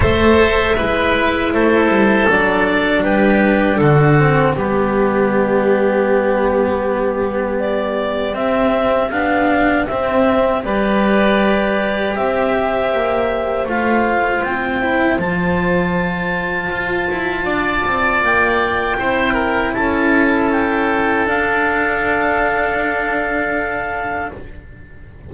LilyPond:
<<
  \new Staff \with { instrumentName = "clarinet" } { \time 4/4 \tempo 4 = 79 e''2 c''4 d''4 | b'4 a'4 g'2~ | g'2 d''4 e''4 | f''4 e''4 d''2 |
e''2 f''4 g''4 | a''1 | g''2 a''4 g''4 | f''1 | }
  \new Staff \with { instrumentName = "oboe" } { \time 4/4 c''4 b'4 a'2 | g'4 fis'4 g'2~ | g'1~ | g'2 b'2 |
c''1~ | c''2. d''4~ | d''4 c''8 ais'8 a'2~ | a'1 | }
  \new Staff \with { instrumentName = "cello" } { \time 4/4 a'4 e'2 d'4~ | d'4. c'8 b2~ | b2. c'4 | d'4 c'4 g'2~ |
g'2 f'4. e'8 | f'1~ | f'4 e'2. | d'1 | }
  \new Staff \with { instrumentName = "double bass" } { \time 4/4 a4 gis4 a8 g8 fis4 | g4 d4 g2~ | g2. c'4 | b4 c'4 g2 |
c'4 ais4 a4 c'4 | f2 f'8 e'8 d'8 c'8 | ais4 c'4 cis'2 | d'1 | }
>>